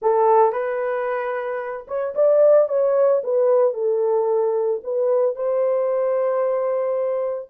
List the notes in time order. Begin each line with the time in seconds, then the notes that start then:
0.01 A4
0.52 B4
1.87 C#5
2.14 D5
2.68 C#5
3.23 B4
3.73 A4
4.83 B4
5.35 C5